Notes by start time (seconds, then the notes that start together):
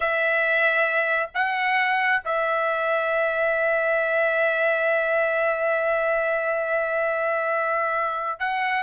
0.00 E5
1.34 F#5
2.24 E5
8.39 F#5